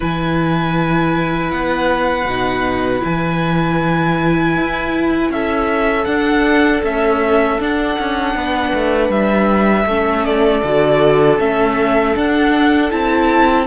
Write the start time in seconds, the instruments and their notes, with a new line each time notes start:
0.00 cello E3, viola E4, violin B4 G#5
1.50 cello B3, violin F#5
2.25 cello B2, viola D#4
2.99 cello E3, viola E4, violin G#5
4.56 cello E4
5.30 cello C#4, violin A4 E5
6.04 cello D4, viola D4, violin F#5
6.83 viola A3, cello C#4, violin E5
7.59 viola D4, cello D4, violin F#5
7.99 cello C#4
8.34 cello B3, violin B4
8.73 cello A3
9.09 cello G3, violin E5
9.86 cello A3, viola C#4, violin A4
10.24 violin D5
10.63 cello D3, viola F#4
11.38 cello A3, viola C#4, violin E5
12.14 viola D4, cello D4, violin F#5
12.90 cello C4, viola E4, violin A5